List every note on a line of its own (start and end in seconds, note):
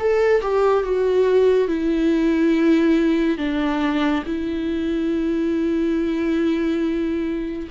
0.00 0.42 A4
0.42 0.84 G4
0.84 1.68 F#4
1.68 3.38 E4
3.38 4.24 D4
4.26 7.69 E4